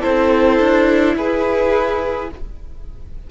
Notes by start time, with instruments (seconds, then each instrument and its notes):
0.00 cello C4, viola E4, violin A4 C5
0.59 cello D4
1.16 cello E4, violin G#4 B4